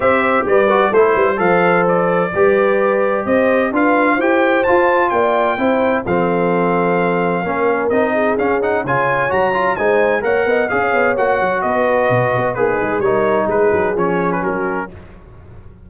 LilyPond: <<
  \new Staff \with { instrumentName = "trumpet" } { \time 4/4 \tempo 4 = 129 e''4 d''4 c''4 f''4 | d''2. dis''4 | f''4 g''4 a''4 g''4~ | g''4 f''2.~ |
f''4 dis''4 f''8 fis''8 gis''4 | ais''4 gis''4 fis''4 f''4 | fis''4 dis''2 b'4 | cis''4 b'4 cis''8. b'16 ais'4 | }
  \new Staff \with { instrumentName = "horn" } { \time 4/4 c''4 b'4 a'8 b'8 c''4~ | c''4 b'2 c''4 | b'4 c''2 d''4 | c''4 a'2. |
ais'4. gis'4. cis''4~ | cis''4 c''4 cis''8 dis''8 cis''4~ | cis''4 b'2 dis'4 | ais'4 gis'2 fis'4 | }
  \new Staff \with { instrumentName = "trombone" } { \time 4/4 g'4. fis'8 e'4 a'4~ | a'4 g'2. | f'4 g'4 f'2 | e'4 c'2. |
cis'4 dis'4 cis'8 dis'8 f'4 | fis'8 f'8 dis'4 ais'4 gis'4 | fis'2. gis'4 | dis'2 cis'2 | }
  \new Staff \with { instrumentName = "tuba" } { \time 4/4 c'4 g4 a8 g8 f4~ | f4 g2 c'4 | d'4 e'4 f'4 ais4 | c'4 f2. |
ais4 c'4 cis'4 cis4 | fis4 gis4 ais8 b8 cis'8 b8 | ais8 fis8 b4 b,8 b8 ais8 gis8 | g4 gis8 fis8 f4 fis4 | }
>>